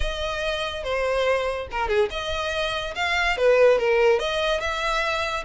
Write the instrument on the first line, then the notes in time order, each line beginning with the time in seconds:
violin
0.00 D#5
0.83 C5
1.71 A#4
1.88 G#4
2.10 D#5
2.95 F5
3.37 B4
3.78 A#4
4.19 D#5
4.60 E5